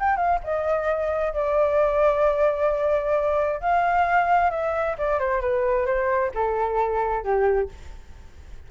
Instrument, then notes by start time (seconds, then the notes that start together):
flute
0.00 G5
0.17 F5
0.44 D#5
1.33 D5
3.61 F5
4.51 E5
4.98 D5
5.20 C5
5.42 B4
5.86 C5
6.35 A4
7.24 G4